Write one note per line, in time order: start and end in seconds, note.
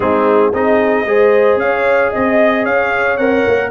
0.00 0.52 G#3
0.00 0.52 C4
0.00 0.53 D#4
0.00 0.53 G#4
0.52 1.05 C4
0.52 1.06 D#4
0.52 1.07 G#4
0.52 1.59 D#5
1.05 1.56 G#3
1.05 3.19 G#4
1.05 1.61 C5
1.56 2.09 C#4
1.56 2.10 C#5
1.56 2.12 F5
2.10 2.66 C4
2.10 2.63 D#5
2.10 2.65 D#5
2.63 3.17 C#4
2.63 3.69 C#5
2.63 3.17 F5
3.17 3.44 C4
3.17 3.70 A#4
3.17 3.70 F#5
3.47 3.70 A#3